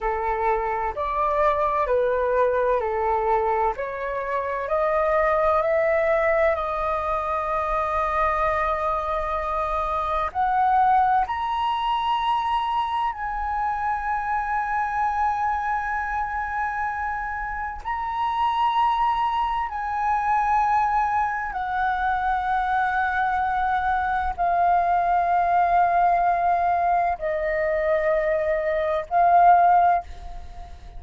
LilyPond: \new Staff \with { instrumentName = "flute" } { \time 4/4 \tempo 4 = 64 a'4 d''4 b'4 a'4 | cis''4 dis''4 e''4 dis''4~ | dis''2. fis''4 | ais''2 gis''2~ |
gis''2. ais''4~ | ais''4 gis''2 fis''4~ | fis''2 f''2~ | f''4 dis''2 f''4 | }